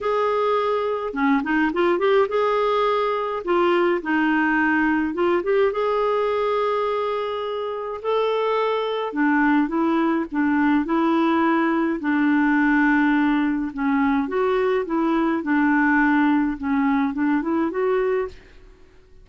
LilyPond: \new Staff \with { instrumentName = "clarinet" } { \time 4/4 \tempo 4 = 105 gis'2 cis'8 dis'8 f'8 g'8 | gis'2 f'4 dis'4~ | dis'4 f'8 g'8 gis'2~ | gis'2 a'2 |
d'4 e'4 d'4 e'4~ | e'4 d'2. | cis'4 fis'4 e'4 d'4~ | d'4 cis'4 d'8 e'8 fis'4 | }